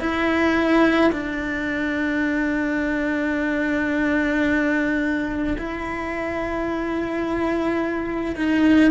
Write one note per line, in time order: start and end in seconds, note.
0.00 1.11 E4
1.12 5.57 D4
5.58 8.36 E4
8.36 8.90 D#4